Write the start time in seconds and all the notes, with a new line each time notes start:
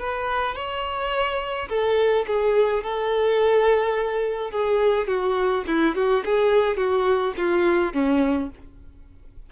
0.00 B4
0.56 C#5
1.69 A4
2.27 G#4
2.84 A4
4.51 G#4
5.08 F#4
5.67 E4
5.96 F#4
6.25 G#4
6.77 F#4
7.37 F4
7.93 C#4